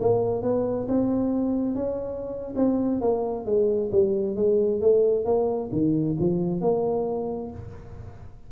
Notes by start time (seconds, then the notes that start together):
0.00 A#3
0.42 B3
0.88 C4
1.75 C#4
2.56 C4
3.01 A#3
3.45 G#3
3.92 G3
4.36 G#3
4.81 A3
5.25 A#3
5.72 D#3
6.19 F3
6.61 A#3